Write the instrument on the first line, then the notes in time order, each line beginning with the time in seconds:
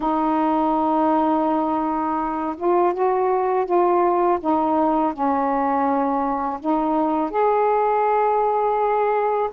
saxophone
0.00 D#4
2.56 F4
2.93 F#4
3.65 F4
4.40 D#4
5.13 C#4
6.60 D#4
7.30 G#4